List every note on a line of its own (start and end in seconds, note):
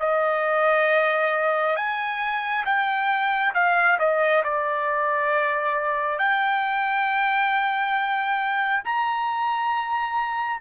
0.00 1.76 D#5
1.76 2.65 G#5
2.66 3.54 G5
3.55 3.99 F5
3.99 4.43 D#5
4.44 6.19 D5
6.19 8.84 G5
8.84 10.61 A#5